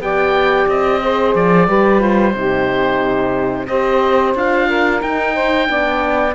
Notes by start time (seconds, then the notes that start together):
0.00 B3 G4 D5 G5
0.68 C4 D#5
1.01 G#4 C5
1.35 F3 D5
1.68 G3 G4 B4
2.00 F4 C5
2.34 C3 D#4 G4
3.67 C4 G4 C5 D#5
4.35 D4 F4 F5
4.68 A#4
5.02 D#4 G5
5.35 C5
5.66 B3 D4 D5